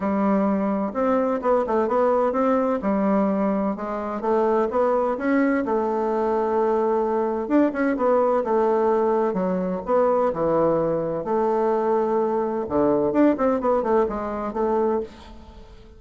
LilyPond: \new Staff \with { instrumentName = "bassoon" } { \time 4/4 \tempo 4 = 128 g2 c'4 b8 a8 | b4 c'4 g2 | gis4 a4 b4 cis'4 | a1 |
d'8 cis'8 b4 a2 | fis4 b4 e2 | a2. d4 | d'8 c'8 b8 a8 gis4 a4 | }